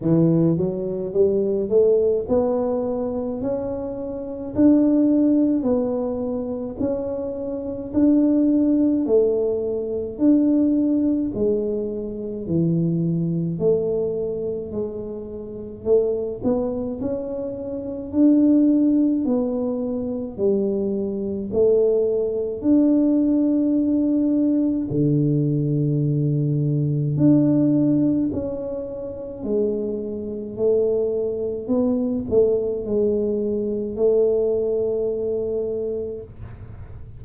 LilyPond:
\new Staff \with { instrumentName = "tuba" } { \time 4/4 \tempo 4 = 53 e8 fis8 g8 a8 b4 cis'4 | d'4 b4 cis'4 d'4 | a4 d'4 gis4 e4 | a4 gis4 a8 b8 cis'4 |
d'4 b4 g4 a4 | d'2 d2 | d'4 cis'4 gis4 a4 | b8 a8 gis4 a2 | }